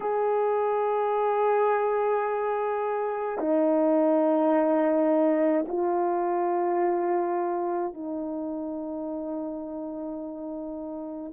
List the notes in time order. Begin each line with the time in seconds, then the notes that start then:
0.00 G#4
3.39 D#4
5.68 F4
7.93 D#4